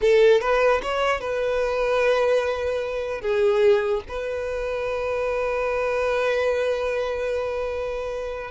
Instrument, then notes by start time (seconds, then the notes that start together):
violin
0.01 A4
0.40 B4
0.82 C#5
1.20 B4
3.21 G#4
4.08 B4